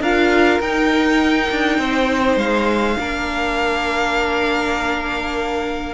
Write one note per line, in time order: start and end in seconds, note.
0.00 0.59 D4
0.00 0.62 F4
0.00 1.79 A#4
0.00 0.61 F5
0.60 1.49 D#4
0.60 2.99 D#4
0.60 2.39 G5
1.51 1.78 D4
1.78 2.37 C4
1.78 2.98 C5
2.37 2.96 G#3
2.37 5.94 F5
2.99 5.94 A#3
2.99 5.94 D4
2.99 5.94 A#4